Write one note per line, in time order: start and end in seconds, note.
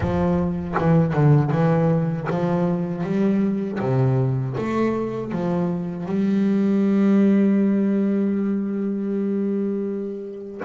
0.00 0.75 F3
0.78 1.13 E3
1.13 1.51 D3
1.51 2.27 E3
2.30 3.03 F3
3.03 3.79 G3
3.79 4.55 C3
4.57 5.32 A3
5.32 6.06 F3
6.06 10.61 G3